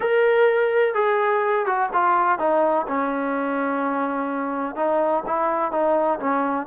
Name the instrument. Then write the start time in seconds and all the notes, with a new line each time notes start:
trombone
0.00 A#4
0.94 G#4
1.66 F#4
1.93 F4
2.38 D#4
2.87 C#4
4.75 D#4
5.26 E4
5.71 D#4
6.19 C#4